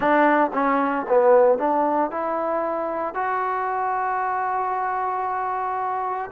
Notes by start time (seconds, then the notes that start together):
0.00 D4
0.53 C#4
1.08 B3
1.58 D4
2.11 E4
3.14 F#4